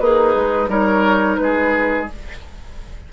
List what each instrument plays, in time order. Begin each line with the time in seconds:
0.00 bassoon A#3, oboe D#4, clarinet G#4, flute B4
0.36 bassoon G#3
0.68 bassoon G3, clarinet D#4, oboe A#4, flute C#5
1.37 bassoon G#3, flute B4
1.43 oboe G#4